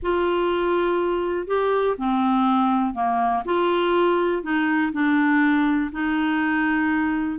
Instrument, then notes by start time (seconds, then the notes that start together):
clarinet
0.02 F4
1.47 G4
1.97 C4
2.94 A#3
3.45 F4
4.42 D#4
4.92 D4
5.92 D#4